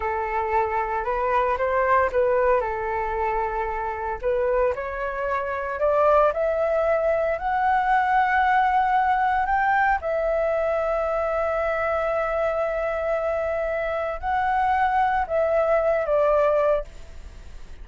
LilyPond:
\new Staff \with { instrumentName = "flute" } { \time 4/4 \tempo 4 = 114 a'2 b'4 c''4 | b'4 a'2. | b'4 cis''2 d''4 | e''2 fis''2~ |
fis''2 g''4 e''4~ | e''1~ | e''2. fis''4~ | fis''4 e''4. d''4. | }